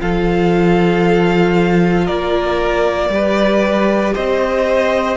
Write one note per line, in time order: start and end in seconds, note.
0.00 2.08 F3
0.00 3.10 F4
0.00 2.05 A4
0.00 2.06 F5
2.05 3.09 A#3
2.05 3.09 A#4
2.05 4.13 D5
3.09 4.12 G3
3.09 5.16 G4
3.09 4.14 B4
4.14 5.16 C4
4.14 5.16 C5
4.14 5.16 D#5